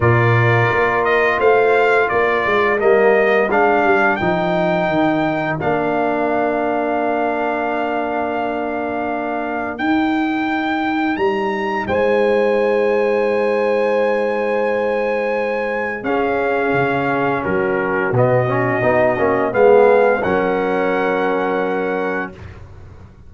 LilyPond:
<<
  \new Staff \with { instrumentName = "trumpet" } { \time 4/4 \tempo 4 = 86 d''4. dis''8 f''4 d''4 | dis''4 f''4 g''2 | f''1~ | f''2 g''2 |
ais''4 gis''2.~ | gis''2. f''4~ | f''4 ais'4 dis''2 | f''4 fis''2. | }
  \new Staff \with { instrumentName = "horn" } { \time 4/4 ais'2 c''4 ais'4~ | ais'1~ | ais'1~ | ais'1~ |
ais'4 c''2.~ | c''2. gis'4~ | gis'4 fis'2. | gis'4 ais'2. | }
  \new Staff \with { instrumentName = "trombone" } { \time 4/4 f'1 | ais4 d'4 dis'2 | d'1~ | d'2 dis'2~ |
dis'1~ | dis'2. cis'4~ | cis'2 b8 cis'8 dis'8 cis'8 | b4 cis'2. | }
  \new Staff \with { instrumentName = "tuba" } { \time 4/4 ais,4 ais4 a4 ais8 gis8 | g4 gis8 g8 f4 dis4 | ais1~ | ais2 dis'2 |
g4 gis2.~ | gis2. cis'4 | cis4 fis4 b,4 b8 ais8 | gis4 fis2. | }
>>